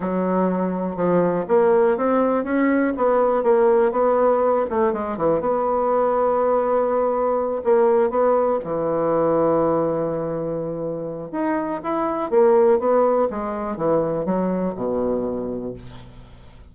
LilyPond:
\new Staff \with { instrumentName = "bassoon" } { \time 4/4 \tempo 4 = 122 fis2 f4 ais4 | c'4 cis'4 b4 ais4 | b4. a8 gis8 e8 b4~ | b2.~ b8 ais8~ |
ais8 b4 e2~ e8~ | e2. dis'4 | e'4 ais4 b4 gis4 | e4 fis4 b,2 | }